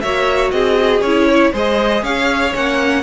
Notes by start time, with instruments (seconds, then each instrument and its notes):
0.00 cello A#3, viola F#4, violin C#5 E5
0.51 cello C4, violin G#4 D#5
1.01 cello C#4, viola E4, violin C#5
1.28 violin C#5
1.52 cello G#3, viola G#4, violin C5 D#5
2.02 cello C#4, violin C#5 F5
2.53 cello A#3, viola C#4, violin F#5